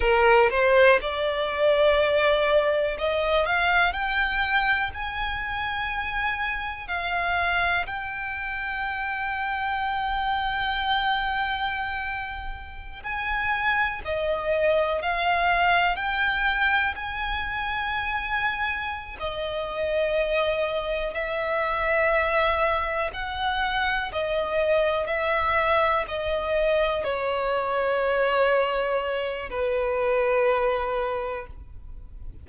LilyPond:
\new Staff \with { instrumentName = "violin" } { \time 4/4 \tempo 4 = 61 ais'8 c''8 d''2 dis''8 f''8 | g''4 gis''2 f''4 | g''1~ | g''4~ g''16 gis''4 dis''4 f''8.~ |
f''16 g''4 gis''2~ gis''16 dis''8~ | dis''4. e''2 fis''8~ | fis''8 dis''4 e''4 dis''4 cis''8~ | cis''2 b'2 | }